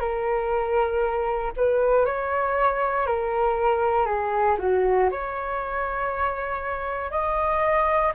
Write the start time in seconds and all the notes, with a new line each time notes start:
0.00 A#4
1.57 B4
2.06 C#5
3.07 A#4
4.06 G#4
4.59 F#4
5.11 C#5
7.11 D#5